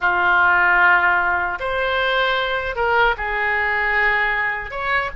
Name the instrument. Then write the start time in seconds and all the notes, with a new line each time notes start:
oboe
0.00 F4
1.59 C5
2.75 A#4
3.17 G#4
4.70 C#5